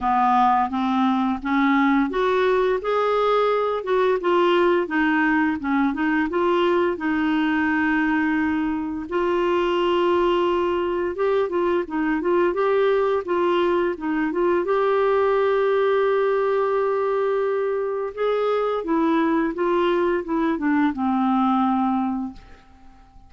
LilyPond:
\new Staff \with { instrumentName = "clarinet" } { \time 4/4 \tempo 4 = 86 b4 c'4 cis'4 fis'4 | gis'4. fis'8 f'4 dis'4 | cis'8 dis'8 f'4 dis'2~ | dis'4 f'2. |
g'8 f'8 dis'8 f'8 g'4 f'4 | dis'8 f'8 g'2.~ | g'2 gis'4 e'4 | f'4 e'8 d'8 c'2 | }